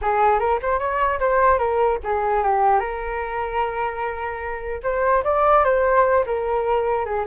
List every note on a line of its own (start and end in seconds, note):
0.01 0.39 G#4
0.39 0.59 A#4
0.62 0.79 C5
0.79 1.19 C#5
1.19 1.58 C5
1.58 1.98 A#4
2.03 2.43 G#4
2.43 2.79 G4
2.79 4.80 A#4
4.83 5.23 C5
5.24 5.64 D5
5.64 6.25 C5
6.25 7.05 A#4
7.05 7.25 G#4